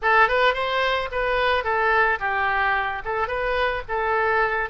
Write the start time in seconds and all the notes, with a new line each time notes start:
0.02 A4
0.28 B4
0.54 C5
1.11 B4
1.63 A4
2.19 G4
3.04 A4
3.27 B4
3.88 A4